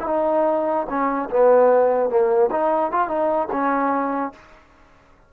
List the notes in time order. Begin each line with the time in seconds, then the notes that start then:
0.00 E4
0.07 D#4
0.90 C#4
1.31 B3
2.10 A#3
2.52 D#4
2.92 F4
3.08 D#4
3.52 C#4